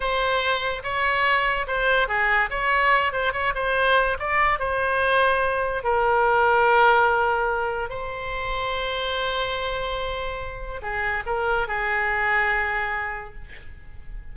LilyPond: \new Staff \with { instrumentName = "oboe" } { \time 4/4 \tempo 4 = 144 c''2 cis''2 | c''4 gis'4 cis''4. c''8 | cis''8 c''4. d''4 c''4~ | c''2 ais'2~ |
ais'2. c''4~ | c''1~ | c''2 gis'4 ais'4 | gis'1 | }